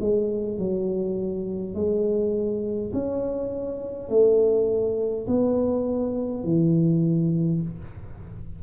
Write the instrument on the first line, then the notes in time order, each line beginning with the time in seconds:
tuba
0.00 G#3
0.58 F#3
1.74 G#3
2.93 C#4
4.09 A3
5.27 B3
6.44 E3